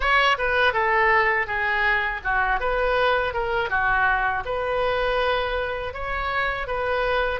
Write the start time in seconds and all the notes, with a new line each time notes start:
0.00 C#5
0.37 B4
0.73 A4
1.46 G#4
2.24 F#4
2.59 B4
3.33 A#4
3.69 F#4
4.45 B4
5.93 C#5
6.67 B4